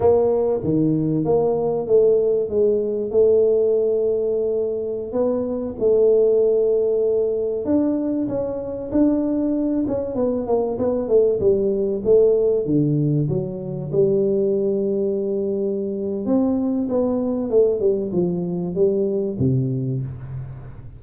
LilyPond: \new Staff \with { instrumentName = "tuba" } { \time 4/4 \tempo 4 = 96 ais4 dis4 ais4 a4 | gis4 a2.~ | a16 b4 a2~ a8.~ | a16 d'4 cis'4 d'4. cis'16~ |
cis'16 b8 ais8 b8 a8 g4 a8.~ | a16 d4 fis4 g4.~ g16~ | g2 c'4 b4 | a8 g8 f4 g4 c4 | }